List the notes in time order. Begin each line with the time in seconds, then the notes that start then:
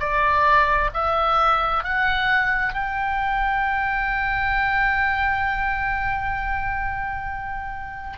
0.00 D5
0.94 E5
1.84 F#5
2.74 G5